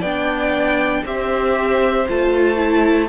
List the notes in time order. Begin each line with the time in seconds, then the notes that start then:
0.00 B3 D4 D5 G5
1.04 C4 G4 C5 E5
2.08 A3 F4 A5
2.57 E4